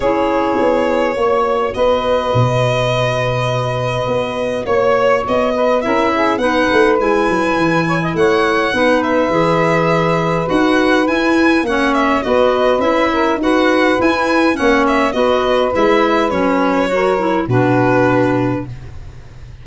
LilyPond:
<<
  \new Staff \with { instrumentName = "violin" } { \time 4/4 \tempo 4 = 103 cis''2. dis''4~ | dis''1 | cis''4 dis''4 e''4 fis''4 | gis''2 fis''4. e''8~ |
e''2 fis''4 gis''4 | fis''8 e''8 dis''4 e''4 fis''4 | gis''4 fis''8 e''8 dis''4 e''4 | cis''2 b'2 | }
  \new Staff \with { instrumentName = "saxophone" } { \time 4/4 gis'2 cis''4 b'4~ | b'1 | cis''4. b'8 ais'8 gis'8 b'4~ | b'4. cis''16 dis''16 cis''4 b'4~ |
b'1 | cis''4 b'4. ais'8 b'4~ | b'4 cis''4 b'2~ | b'4 ais'4 fis'2 | }
  \new Staff \with { instrumentName = "clarinet" } { \time 4/4 e'2 fis'2~ | fis'1~ | fis'2 e'4 dis'4 | e'2. dis'4 |
gis'2 fis'4 e'4 | cis'4 fis'4 e'4 fis'4 | e'4 cis'4 fis'4 e'4 | cis'4 fis'8 e'8 d'2 | }
  \new Staff \with { instrumentName = "tuba" } { \time 4/4 cis'4 b4 ais4 b4 | b,2. b4 | ais4 b4 cis'4 b8 a8 | gis8 fis8 e4 a4 b4 |
e2 dis'4 e'4 | ais4 b4 cis'4 dis'4 | e'4 ais4 b4 gis4 | fis2 b,2 | }
>>